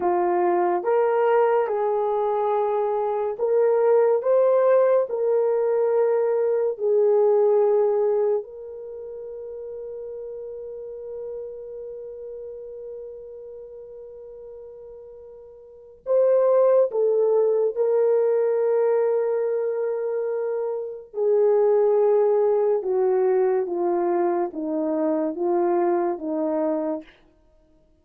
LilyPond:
\new Staff \with { instrumentName = "horn" } { \time 4/4 \tempo 4 = 71 f'4 ais'4 gis'2 | ais'4 c''4 ais'2 | gis'2 ais'2~ | ais'1~ |
ais'2. c''4 | a'4 ais'2.~ | ais'4 gis'2 fis'4 | f'4 dis'4 f'4 dis'4 | }